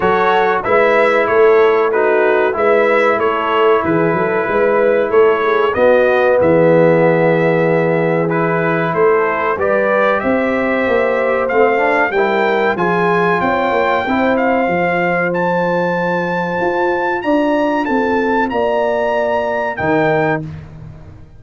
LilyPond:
<<
  \new Staff \with { instrumentName = "trumpet" } { \time 4/4 \tempo 4 = 94 cis''4 e''4 cis''4 b'4 | e''4 cis''4 b'2 | cis''4 dis''4 e''2~ | e''4 b'4 c''4 d''4 |
e''2 f''4 g''4 | gis''4 g''4. f''4. | a''2. ais''4 | a''4 ais''2 g''4 | }
  \new Staff \with { instrumentName = "horn" } { \time 4/4 a'4 b'4 a'4 fis'4 | b'4 a'4 gis'8 a'8 b'4 | a'8 gis'8 fis'4 gis'2~ | gis'2 a'4 b'4 |
c''2. ais'4 | gis'4 cis''4 c''2~ | c''2. d''4 | a'4 d''2 ais'4 | }
  \new Staff \with { instrumentName = "trombone" } { \time 4/4 fis'4 e'2 dis'4 | e'1~ | e'4 b2.~ | b4 e'2 g'4~ |
g'2 c'8 d'8 e'4 | f'2 e'4 f'4~ | f'1~ | f'2. dis'4 | }
  \new Staff \with { instrumentName = "tuba" } { \time 4/4 fis4 gis4 a2 | gis4 a4 e8 fis8 gis4 | a4 b4 e2~ | e2 a4 g4 |
c'4 ais4 a4 g4 | f4 c'8 ais8 c'4 f4~ | f2 f'4 d'4 | c'4 ais2 dis4 | }
>>